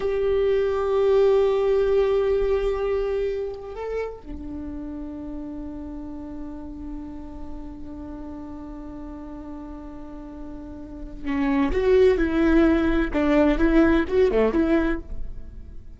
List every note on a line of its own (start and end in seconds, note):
0.00 3.75 G4
3.75 4.21 A4
4.22 11.25 D4
11.25 11.71 C#4
11.71 12.17 F#4
12.17 13.11 E4
13.13 13.58 D4
13.58 14.05 E4
14.08 14.31 F#4
14.31 14.53 A3
14.53 15.00 E4